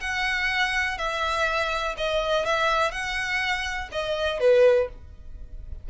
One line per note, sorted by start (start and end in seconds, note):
0.00 0.98 F#5
0.98 1.95 E5
1.97 2.45 D#5
2.45 2.91 E5
2.91 3.89 F#5
3.92 4.40 D#5
4.40 4.88 B4